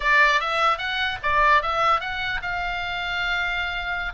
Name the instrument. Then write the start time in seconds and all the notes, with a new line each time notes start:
oboe
0.00 D5
0.40 E5
0.78 F#5
1.23 D5
1.62 E5
2.00 F#5
2.42 F5